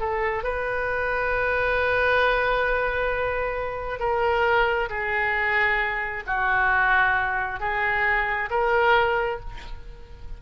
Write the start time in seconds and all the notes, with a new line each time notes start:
0.00 A4
0.44 B4
4.00 A#4
4.90 G#4
6.27 F#4
7.60 G#4
8.51 A#4